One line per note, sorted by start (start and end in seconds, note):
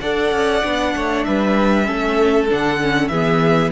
0.00 0.31 D4
0.00 0.62 A4
0.00 0.94 D5
0.00 1.24 F#5
0.31 0.62 C#4
0.62 0.95 B3
0.62 1.84 D4
0.95 1.26 A3
0.95 1.26 C#5
1.24 1.88 G3
1.24 1.86 B4
1.24 2.47 E5
1.84 2.50 A3
1.84 2.46 C#4
1.84 3.10 A4
2.49 3.09 D3
2.49 2.80 D4
2.49 3.08 F#5
2.80 3.11 C#4
3.08 3.70 E3
3.08 3.71 B3
3.08 3.71 G#4
3.08 3.69 E5